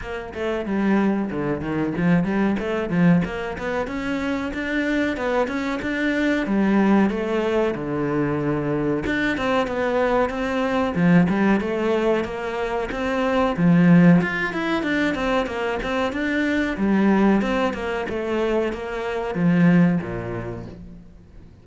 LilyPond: \new Staff \with { instrumentName = "cello" } { \time 4/4 \tempo 4 = 93 ais8 a8 g4 d8 dis8 f8 g8 | a8 f8 ais8 b8 cis'4 d'4 | b8 cis'8 d'4 g4 a4 | d2 d'8 c'8 b4 |
c'4 f8 g8 a4 ais4 | c'4 f4 f'8 e'8 d'8 c'8 | ais8 c'8 d'4 g4 c'8 ais8 | a4 ais4 f4 ais,4 | }